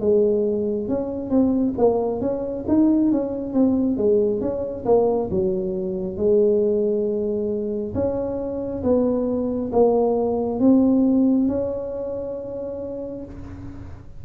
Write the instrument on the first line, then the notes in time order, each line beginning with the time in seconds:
tuba
0.00 G#3
0.89 C#4
1.30 C4
1.78 A#3
2.21 C#4
2.68 D#4
3.12 C#4
3.53 C4
3.97 G#3
4.41 C#4
4.85 A#3
5.30 F#3
6.17 G#3
7.95 C#4
8.83 B3
9.73 A#3
10.60 C4
11.48 C#4